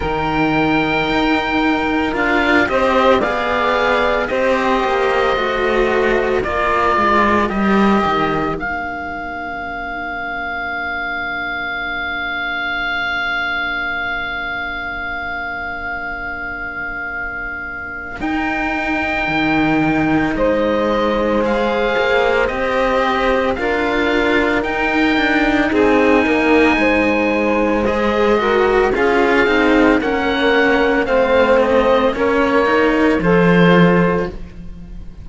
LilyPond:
<<
  \new Staff \with { instrumentName = "oboe" } { \time 4/4 \tempo 4 = 56 g''2 f''8 dis''8 f''4 | dis''2 d''4 dis''4 | f''1~ | f''1~ |
f''4 g''2 dis''4 | f''4 dis''4 f''4 g''4 | gis''2 dis''4 f''4 | fis''4 f''8 dis''8 cis''4 c''4 | }
  \new Staff \with { instrumentName = "saxophone" } { \time 4/4 ais'2~ ais'8 c''8 d''4 | c''2 ais'2~ | ais'1~ | ais'1~ |
ais'2. c''4~ | c''2 ais'2 | gis'8 ais'8 c''4. ais'8 gis'4 | ais'4 c''4 ais'4 a'4 | }
  \new Staff \with { instrumentName = "cello" } { \time 4/4 dis'2 f'8 g'8 gis'4 | g'4 fis'4 f'4 g'4 | d'1~ | d'1~ |
d'4 dis'2. | gis'4 g'4 f'4 dis'4~ | dis'2 gis'8 fis'8 f'8 dis'8 | cis'4 c'4 cis'8 dis'8 f'4 | }
  \new Staff \with { instrumentName = "cello" } { \time 4/4 dis4 dis'4 d'8 c'8 b4 | c'8 ais8 a4 ais8 gis8 g8 dis8 | ais1~ | ais1~ |
ais4 dis'4 dis4 gis4~ | gis8 ais8 c'4 d'4 dis'8 d'8 | c'8 ais8 gis2 cis'8 c'8 | ais4 a4 ais4 f4 | }
>>